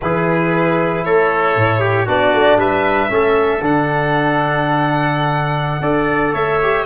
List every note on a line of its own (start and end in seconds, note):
0.01 1.05 E3
0.01 2.06 E4
0.01 1.05 G#4
0.01 1.04 B4
1.04 1.56 A3
1.04 1.80 A4
1.04 2.07 C#5
1.56 2.07 A2
1.80 2.05 G4
2.05 2.33 B3
2.05 3.09 D4
2.05 2.57 F#4
2.05 2.60 D5
2.33 2.56 A3
2.56 3.08 G3
2.56 3.10 B4
2.56 3.63 E5
3.09 3.60 A3
3.09 3.61 C#4
3.09 5.82 A4
3.60 5.80 D3
3.60 5.81 D4
3.60 6.34 F#5
5.80 6.32 D4
5.80 6.59 A4
5.80 6.32 D5
6.32 6.85 A3
6.32 6.84 C#5
6.32 6.85 E5
6.62 6.85 G4